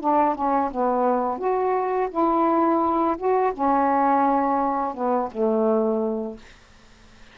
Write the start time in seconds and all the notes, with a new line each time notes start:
0.00 D4
0.35 C#4
0.71 B3
1.38 F#4
2.10 E4
3.17 F#4
3.53 C#4
4.94 B3
5.31 A3